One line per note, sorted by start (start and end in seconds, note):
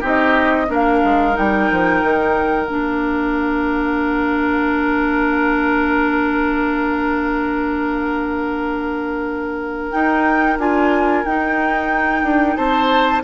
0.00 0.68 C4
0.00 0.67 D#4
0.00 0.66 G4
0.06 0.72 D#5
0.67 1.01 A#3
0.67 1.33 D4
0.67 12.56 A#4
0.67 1.36 F5
1.04 1.37 G#3
1.33 1.70 G3
1.33 2.65 D#4
1.33 2.66 G5
1.70 2.02 F3
2.02 2.67 D#3
2.66 9.93 A#3
2.66 9.92 D4
2.66 9.91 F5
9.91 10.58 D#4
9.91 10.57 G5
10.58 11.23 D4
10.58 11.24 F4
10.58 11.25 G#5
11.25 12.23 D#4
11.25 13.23 D#4
11.25 12.56 G5
12.23 12.56 D4
12.56 13.23 C4
12.56 13.22 C5
12.56 13.22 A5